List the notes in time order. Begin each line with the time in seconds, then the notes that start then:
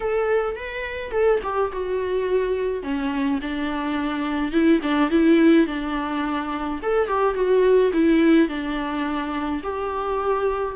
0.00 A4
0.56 B4
1.11 A4
1.43 G4
1.72 F#4
2.83 C#4
3.41 D4
4.51 E4
4.82 D4
5.10 E4
5.67 D4
6.82 A4
7.07 G4
7.34 F#4
7.93 E4
8.48 D4
9.63 G4